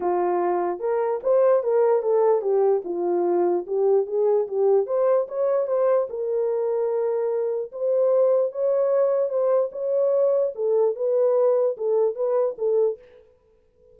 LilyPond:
\new Staff \with { instrumentName = "horn" } { \time 4/4 \tempo 4 = 148 f'2 ais'4 c''4 | ais'4 a'4 g'4 f'4~ | f'4 g'4 gis'4 g'4 | c''4 cis''4 c''4 ais'4~ |
ais'2. c''4~ | c''4 cis''2 c''4 | cis''2 a'4 b'4~ | b'4 a'4 b'4 a'4 | }